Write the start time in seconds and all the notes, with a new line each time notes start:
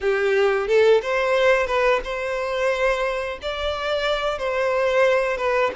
0.00 G4
0.67 A4
1.01 C5
1.66 B4
2.04 C5
3.42 D5
4.38 C5
5.37 B4